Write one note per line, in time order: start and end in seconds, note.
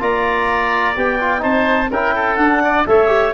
0.00 0.96 A#3
0.00 0.95 F4
0.00 1.43 D5
0.00 0.97 A#5
0.96 1.44 B3
0.96 1.20 G4
0.96 1.43 G5
1.21 1.39 F4
1.39 1.91 C4
1.39 1.87 D#4
1.39 1.90 C5
1.39 1.90 A5
1.91 2.38 C#4
1.91 2.38 E4
1.91 2.15 A#4
1.91 2.36 G5
2.15 2.63 A4
2.36 2.85 D4
2.36 2.86 D4
2.36 2.84 F#5
2.64 2.88 D5
2.87 3.34 A3
2.87 3.08 A4
2.87 3.34 C#5
2.87 3.34 E5
3.08 3.32 G4